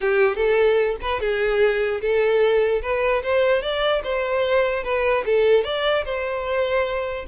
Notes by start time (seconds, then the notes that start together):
0.00 G4
0.36 A4
1.01 B4
1.20 G#4
2.01 A4
2.82 B4
3.22 C5
3.61 D5
4.03 C5
4.83 B4
5.25 A4
5.64 D5
6.04 C5